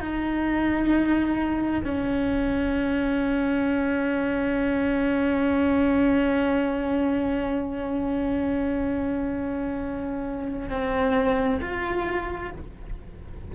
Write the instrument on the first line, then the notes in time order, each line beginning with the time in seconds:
cello
0.00 D#4
1.84 C#4
10.69 C4
11.61 F4